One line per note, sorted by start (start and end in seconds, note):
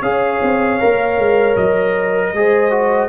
0.00 0.40 C#4
0.00 0.80 G#4
0.00 2.31 C#5
0.00 1.56 F5
0.42 0.81 C4
0.80 1.18 A#3
0.80 2.34 A#4
1.18 1.56 G#3
1.56 2.33 F#3
1.56 3.09 D#5
2.33 3.09 G#3
2.33 2.71 G#4
2.33 3.09 C5
2.71 3.09 F#4